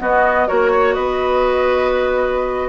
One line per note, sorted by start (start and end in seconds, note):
0.00 0.47 B3
0.00 0.49 B3
0.00 0.48 F#4
0.00 0.48 D#5
0.48 0.96 A#3
0.48 2.69 F#4
0.48 0.72 A#4
0.48 0.94 C#5
0.72 0.95 C#5
0.94 2.69 B3
0.94 2.69 B4
0.94 2.69 D#5